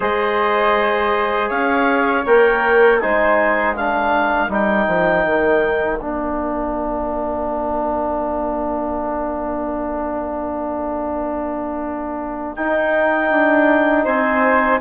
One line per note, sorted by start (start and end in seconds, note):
0.00 1.50 G#3
0.00 2.24 G#4
0.00 1.48 C5
0.00 1.49 D#5
1.48 2.25 C#4
1.48 2.98 C#5
1.48 2.24 F5
2.26 3.01 A#3
2.26 3.01 A#4
2.26 3.00 G5
3.00 4.48 G#3
3.00 3.76 D#4
3.00 3.75 C5
3.00 3.75 G#5
3.75 4.49 D4
3.75 14.04 A#4
3.75 4.51 F5
4.48 4.85 G3
4.48 5.99 D#4
4.48 5.97 G5
4.87 5.25 F3
5.25 6.00 D#3
5.97 12.57 A#3
5.97 12.57 D4
5.97 12.54 F5
12.55 14.80 D#4
12.55 13.30 D#4
12.55 14.05 G5
13.30 14.05 D4
14.04 14.80 C4
14.04 14.79 C5
14.04 14.80 G#5